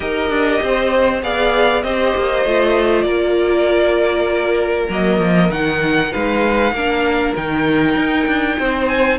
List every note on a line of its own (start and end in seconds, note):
0.00 0.29 D#4
0.00 1.21 G4
0.00 0.61 A#4
0.00 1.22 D#5
0.29 0.60 D4
0.62 1.22 C4
0.62 1.23 C5
1.22 1.83 B3
1.22 1.83 G#4
1.22 1.84 D5
1.22 1.82 F5
1.82 2.13 C4
1.82 2.46 G4
1.82 3.05 C5
1.82 3.02 D#5
2.15 2.45 A#3
2.45 3.04 A3
2.45 4.89 F4
3.02 4.88 A#3
3.02 6.11 A#4
3.02 4.85 D5
4.88 5.19 F#3
4.88 5.51 A#3
4.88 5.51 D#5
5.19 5.50 F3
5.50 6.11 D#3
5.50 6.74 D#4
5.50 6.12 F#5
6.12 6.72 G#3
6.12 6.73 B4
6.12 7.35 F5
6.72 7.33 A#3
6.72 7.36 D4
6.72 8.58 A#4
7.35 7.95 D#3
7.35 9.19 D#4
7.35 8.87 G5
7.95 8.26 D#4
8.26 8.57 D4
8.59 9.19 C4
8.59 9.19 C5
8.87 9.18 G#5